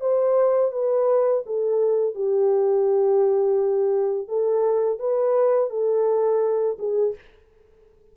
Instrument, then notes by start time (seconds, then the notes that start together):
horn
0.00 C5
0.71 B4
1.46 A4
2.15 G4
4.28 A4
4.99 B4
5.70 A4
6.79 G#4